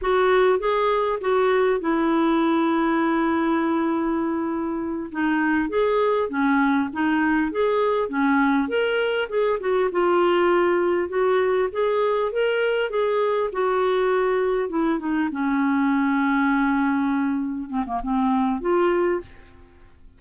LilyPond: \new Staff \with { instrumentName = "clarinet" } { \time 4/4 \tempo 4 = 100 fis'4 gis'4 fis'4 e'4~ | e'1~ | e'8 dis'4 gis'4 cis'4 dis'8~ | dis'8 gis'4 cis'4 ais'4 gis'8 |
fis'8 f'2 fis'4 gis'8~ | gis'8 ais'4 gis'4 fis'4.~ | fis'8 e'8 dis'8 cis'2~ cis'8~ | cis'4. c'16 ais16 c'4 f'4 | }